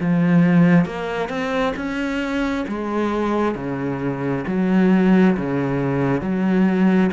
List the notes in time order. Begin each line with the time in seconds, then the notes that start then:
0.00 F3
0.85 A#3
1.29 C4
1.76 C#4
2.68 G#3
3.55 C#3
4.47 F#3
5.37 C#3
6.21 F#3